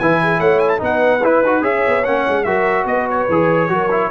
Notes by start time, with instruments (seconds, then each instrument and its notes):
0.00 tuba E3, trombone E4, horn B4, trumpet G#5
0.23 horn G#4
0.39 tuba A3, horn C#5, trumpet F#5
0.59 trumpet G#5
0.70 trumpet A5
0.79 tuba B3, trombone D#4, horn B4, trumpet F#5
1.23 tuba E4, trombone E4, trumpet B4
1.42 tuba D#4, trombone F#4
1.62 tuba C#4, trombone G#4, horn C#5, trumpet E5
1.87 tuba B3
2.05 tuba A#3, trombone C#4, trumpet F#5
2.28 tuba G#3
2.44 tuba F#3, trombone F#4, horn A#4, trumpet E5
2.86 tuba B3, horn B4, trumpet D#5
3.11 trumpet C#5
3.30 tuba E3, trombone G#4
3.69 tuba F#3, trombone F#4, horn A#4
3.92 trombone E4